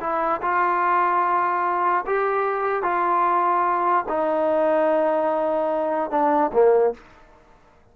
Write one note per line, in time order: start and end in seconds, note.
0.00 0.41 E4
0.41 2.05 F4
2.06 2.82 G4
2.82 4.05 F4
4.08 6.10 D#4
6.10 6.51 D4
6.53 6.94 A#3